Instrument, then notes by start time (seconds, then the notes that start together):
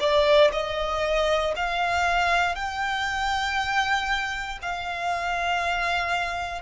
violin
0.00 D5
0.53 D#5
1.56 F5
2.56 G5
4.62 F5